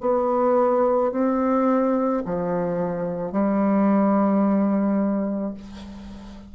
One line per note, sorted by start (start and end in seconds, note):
0.00 1.11 B3
1.11 2.22 C4
2.25 3.31 F3
3.31 5.54 G3